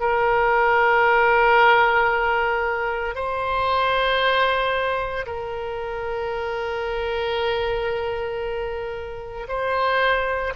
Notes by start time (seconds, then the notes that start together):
0.00 A#4
3.15 C5
5.26 A#4
9.48 C5